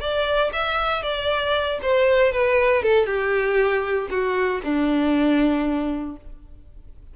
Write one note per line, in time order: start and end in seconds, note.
0.00 0.51 D5
0.52 1.03 E5
1.03 1.79 D5
1.82 2.32 C5
2.32 2.83 B4
2.83 3.06 A4
3.06 4.08 G4
4.10 4.61 F#4
4.64 6.16 D4